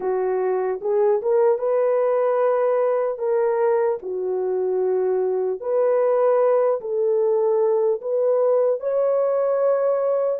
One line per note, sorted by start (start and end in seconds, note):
0.00 0.80 F#4
0.81 1.21 G#4
1.22 1.58 A#4
1.58 3.18 B4
3.18 3.98 A#4
4.02 5.60 F#4
5.60 6.80 B4
6.80 8.00 A4
8.01 8.80 B4
8.80 10.39 C#5